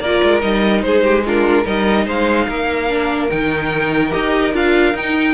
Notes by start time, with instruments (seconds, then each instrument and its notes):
0.00 cello A#3, viola F4, violin A#4 D5
0.24 cello G#3
0.41 cello G3, viola D#4, violin D#5
0.83 cello G#3, violin G#4 C5
1.04 violin G4
1.27 viola D4, violin F4 A#4
1.64 cello G3, viola D#4, violin A#4 D#5
2.06 cello G#3, violin C5 F5
2.48 cello A#3, violin A#4
2.89 viola D4
3.30 cello D#3, viola D#4, violin G5
4.11 cello D#4, viola G4, violin D#5
4.54 cello D4, viola F4, violin F5
4.94 cello D#4, viola D#4, violin G5